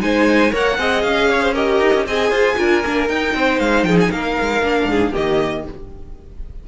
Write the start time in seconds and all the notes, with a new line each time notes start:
0.00 G#3 D#4 C5 G#5
0.51 A#3 A#4 C#5 F#5
0.78 C4 G#4 D#5
1.02 C#4 F5
1.29 C#5
1.42 C5
1.53 G4 A#4 D#5
1.80 D#4
1.94 C#4
2.06 C4 G#4 D#5 G#5
2.30 F4 C5
2.57 D4 F4 A#4
2.86 A#3 D4
3.08 D#4 G5
3.34 C4 C5
3.59 G#3 F5
3.83 F3 G#4 G5
4.00 G#5
4.11 A#3 A#4 F5
4.41 G#3
4.62 A#3 D4
4.85 G#2 G#4
5.12 D#3 A#3 G4 D#5